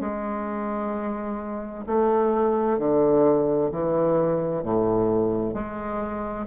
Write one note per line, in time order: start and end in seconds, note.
0.00 1.85 G#3
1.86 2.78 A3
2.78 3.70 D3
3.71 4.63 E3
4.63 5.53 A2
5.53 6.46 G#3